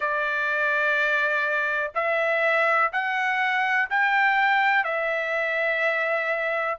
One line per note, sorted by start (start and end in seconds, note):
0.00 1.91 D5
1.94 2.91 E5
2.92 3.89 F#5
3.89 4.84 G5
4.84 6.77 E5